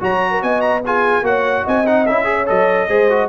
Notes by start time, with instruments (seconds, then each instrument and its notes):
0.00 tuba F#3, trombone F#4, horn C#5, trumpet A#5
0.31 horn A#4
0.43 tuba B3, horn D#5, trumpet G#5
0.61 trumpet A#5
0.86 trombone F4, horn G#4, trumpet G#5
1.22 tuba A#3, trombone F#4, horn C#5, trumpet F#5
1.64 tuba C4, horn D#5, trumpet G#5
1.86 trombone D#4, trumpet F#5
2.07 tuba C#4, trombone E4, trumpet E5
2.25 trombone G#4
2.31 horn C#5
2.46 tuba F#3, trombone A4, trumpet D#5
2.89 tuba G#3, trombone G#4, horn C5
3.10 trombone F#4